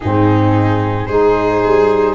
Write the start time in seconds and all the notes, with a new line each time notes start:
0.00 G#2 C4 D#4 G#4
1.05 G#3 D#4 G#4 C5
1.65 G3